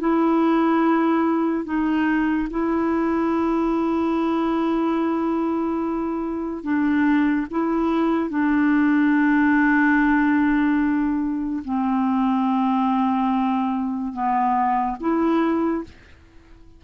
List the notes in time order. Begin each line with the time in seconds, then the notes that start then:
0.00 E4
1.65 D#4
2.50 E4
6.63 D4
7.51 E4
8.30 D4
11.65 C4
14.13 B3
15.00 E4